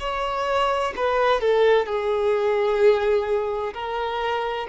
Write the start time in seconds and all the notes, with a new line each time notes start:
0.00 C#5
0.96 B4
1.41 A4
1.86 G#4
3.74 A#4